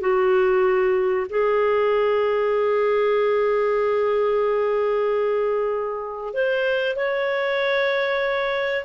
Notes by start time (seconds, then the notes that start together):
0.00 F#4
1.29 G#4
6.33 C5
6.96 C#5